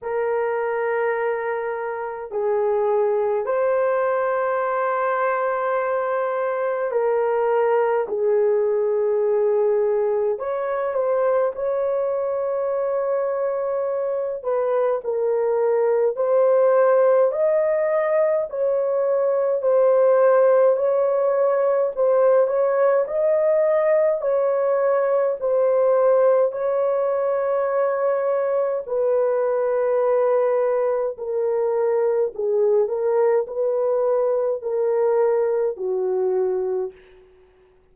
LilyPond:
\new Staff \with { instrumentName = "horn" } { \time 4/4 \tempo 4 = 52 ais'2 gis'4 c''4~ | c''2 ais'4 gis'4~ | gis'4 cis''8 c''8 cis''2~ | cis''8 b'8 ais'4 c''4 dis''4 |
cis''4 c''4 cis''4 c''8 cis''8 | dis''4 cis''4 c''4 cis''4~ | cis''4 b'2 ais'4 | gis'8 ais'8 b'4 ais'4 fis'4 | }